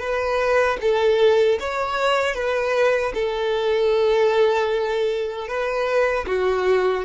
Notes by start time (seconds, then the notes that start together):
0.00 B4
0.81 A4
1.60 C#5
2.35 B4
3.15 A4
5.48 B4
6.27 F#4